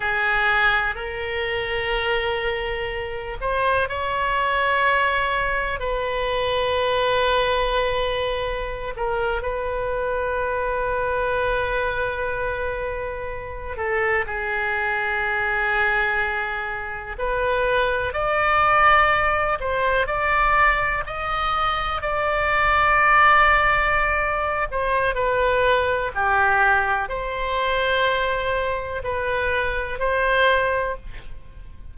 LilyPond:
\new Staff \with { instrumentName = "oboe" } { \time 4/4 \tempo 4 = 62 gis'4 ais'2~ ais'8 c''8 | cis''2 b'2~ | b'4~ b'16 ais'8 b'2~ b'16~ | b'2~ b'16 a'8 gis'4~ gis'16~ |
gis'4.~ gis'16 b'4 d''4~ d''16~ | d''16 c''8 d''4 dis''4 d''4~ d''16~ | d''4. c''8 b'4 g'4 | c''2 b'4 c''4 | }